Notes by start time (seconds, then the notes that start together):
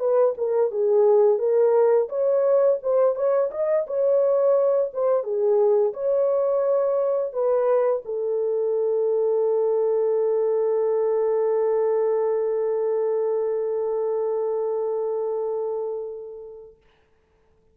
0.00 B4
0.38 A#4
0.71 G#4
1.39 A#4
2.09 C#5
2.83 C5
3.16 C#5
3.51 D#5
3.87 C#5
4.94 C5
5.24 G#4
5.94 C#5
7.33 B4
8.05 A4